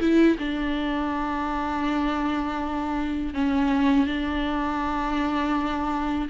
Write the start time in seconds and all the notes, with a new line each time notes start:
0.00 E4
0.38 D4
3.34 C#4
4.06 D4